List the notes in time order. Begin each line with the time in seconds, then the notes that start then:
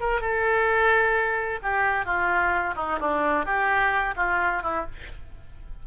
0.00 A#4
0.21 A4
1.62 G4
2.05 F4
2.75 D#4
2.99 D4
3.45 G4
4.16 F4
4.62 E4